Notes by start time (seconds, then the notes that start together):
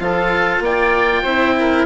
0.00 F3 F4 A4 F5
0.60 A#3 D5 G5
1.23 C4 E4 C5
1.60 A#4